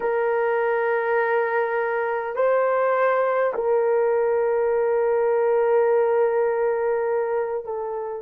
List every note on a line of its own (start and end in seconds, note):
0.00 2.35 A#4
2.35 3.53 C5
3.54 7.64 A#4
7.64 8.22 A4